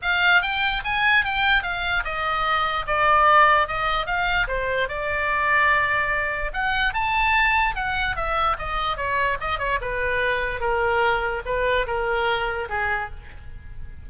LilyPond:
\new Staff \with { instrumentName = "oboe" } { \time 4/4 \tempo 4 = 147 f''4 g''4 gis''4 g''4 | f''4 dis''2 d''4~ | d''4 dis''4 f''4 c''4 | d''1 |
fis''4 a''2 fis''4 | e''4 dis''4 cis''4 dis''8 cis''8 | b'2 ais'2 | b'4 ais'2 gis'4 | }